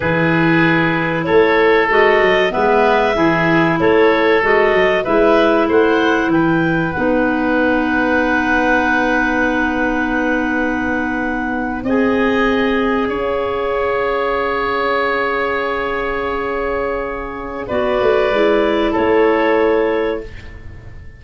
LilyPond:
<<
  \new Staff \with { instrumentName = "clarinet" } { \time 4/4 \tempo 4 = 95 b'2 cis''4 dis''4 | e''2 cis''4 dis''4 | e''4 fis''4 g''4 fis''4~ | fis''1~ |
fis''2~ fis''8. gis''4~ gis''16~ | gis''8. f''2.~ f''16~ | f''1 | d''2 cis''2 | }
  \new Staff \with { instrumentName = "oboe" } { \time 4/4 gis'2 a'2 | b'4 gis'4 a'2 | b'4 c''4 b'2~ | b'1~ |
b'2~ b'8. dis''4~ dis''16~ | dis''8. cis''2.~ cis''16~ | cis''1 | b'2 a'2 | }
  \new Staff \with { instrumentName = "clarinet" } { \time 4/4 e'2. fis'4 | b4 e'2 fis'4 | e'2. dis'4~ | dis'1~ |
dis'2~ dis'8. gis'4~ gis'16~ | gis'1~ | gis'1 | fis'4 e'2. | }
  \new Staff \with { instrumentName = "tuba" } { \time 4/4 e2 a4 gis8 fis8 | gis4 e4 a4 gis8 fis8 | gis4 a4 e4 b4~ | b1~ |
b2~ b8. c'4~ c'16~ | c'8. cis'2.~ cis'16~ | cis'1 | b8 a8 gis4 a2 | }
>>